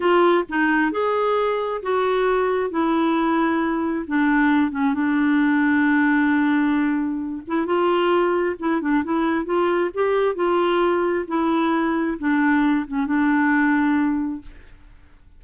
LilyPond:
\new Staff \with { instrumentName = "clarinet" } { \time 4/4 \tempo 4 = 133 f'4 dis'4 gis'2 | fis'2 e'2~ | e'4 d'4. cis'8 d'4~ | d'1~ |
d'8 e'8 f'2 e'8 d'8 | e'4 f'4 g'4 f'4~ | f'4 e'2 d'4~ | d'8 cis'8 d'2. | }